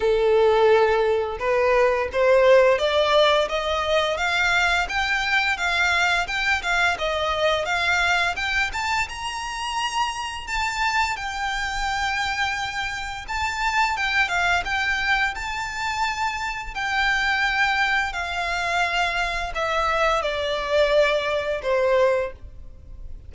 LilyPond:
\new Staff \with { instrumentName = "violin" } { \time 4/4 \tempo 4 = 86 a'2 b'4 c''4 | d''4 dis''4 f''4 g''4 | f''4 g''8 f''8 dis''4 f''4 | g''8 a''8 ais''2 a''4 |
g''2. a''4 | g''8 f''8 g''4 a''2 | g''2 f''2 | e''4 d''2 c''4 | }